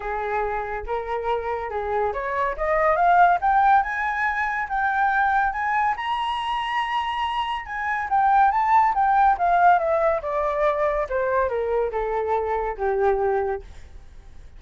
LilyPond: \new Staff \with { instrumentName = "flute" } { \time 4/4 \tempo 4 = 141 gis'2 ais'2 | gis'4 cis''4 dis''4 f''4 | g''4 gis''2 g''4~ | g''4 gis''4 ais''2~ |
ais''2 gis''4 g''4 | a''4 g''4 f''4 e''4 | d''2 c''4 ais'4 | a'2 g'2 | }